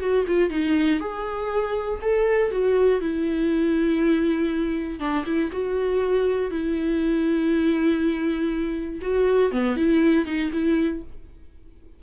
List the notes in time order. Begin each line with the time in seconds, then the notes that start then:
0.00 F#4
0.27 F4
0.50 D#4
1.00 G#4
2.02 A4
2.51 F#4
3.01 E4
4.99 D4
5.25 E4
5.52 F#4
6.50 E4
9.01 F#4
9.51 B3
9.76 E4
10.25 D#4
10.52 E4